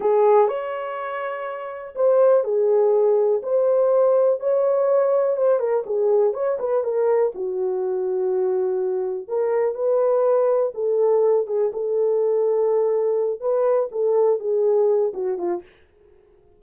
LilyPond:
\new Staff \with { instrumentName = "horn" } { \time 4/4 \tempo 4 = 123 gis'4 cis''2. | c''4 gis'2 c''4~ | c''4 cis''2 c''8 ais'8 | gis'4 cis''8 b'8 ais'4 fis'4~ |
fis'2. ais'4 | b'2 a'4. gis'8 | a'2.~ a'8 b'8~ | b'8 a'4 gis'4. fis'8 f'8 | }